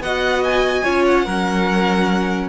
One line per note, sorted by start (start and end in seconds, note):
0.00 0.83 B3
0.00 0.85 F#4
0.00 0.84 D#5
0.00 0.44 F#5
0.44 1.06 G#5
0.84 1.27 C#4
0.84 1.26 F4
0.84 1.26 C#5
1.06 2.49 F#5
1.26 2.49 F#3
1.26 2.49 C#4
1.26 2.49 A#4